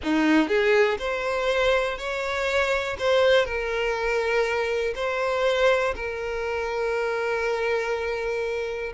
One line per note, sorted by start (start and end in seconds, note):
0.03 0.47 D#4
0.47 0.97 G#4
0.98 1.97 C5
1.97 2.97 C#5
2.98 3.45 C5
3.45 4.94 A#4
4.95 5.94 C5
5.95 8.93 A#4